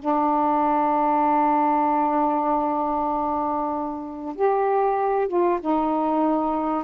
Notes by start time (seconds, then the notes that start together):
0.00 D4
4.36 G4
5.29 F4
5.61 D#4